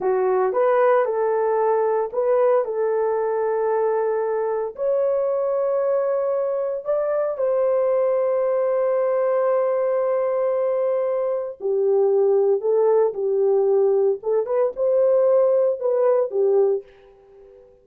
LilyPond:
\new Staff \with { instrumentName = "horn" } { \time 4/4 \tempo 4 = 114 fis'4 b'4 a'2 | b'4 a'2.~ | a'4 cis''2.~ | cis''4 d''4 c''2~ |
c''1~ | c''2 g'2 | a'4 g'2 a'8 b'8 | c''2 b'4 g'4 | }